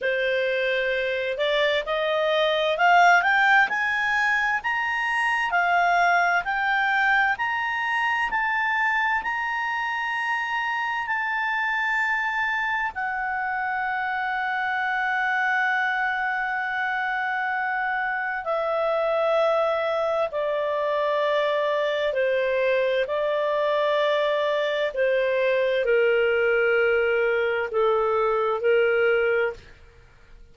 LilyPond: \new Staff \with { instrumentName = "clarinet" } { \time 4/4 \tempo 4 = 65 c''4. d''8 dis''4 f''8 g''8 | gis''4 ais''4 f''4 g''4 | ais''4 a''4 ais''2 | a''2 fis''2~ |
fis''1 | e''2 d''2 | c''4 d''2 c''4 | ais'2 a'4 ais'4 | }